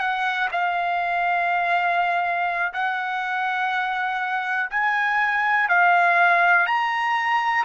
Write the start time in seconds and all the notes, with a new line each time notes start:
0.00 F#5
0.52 F5
2.74 F#5
4.71 G#5
5.69 F5
6.67 A#5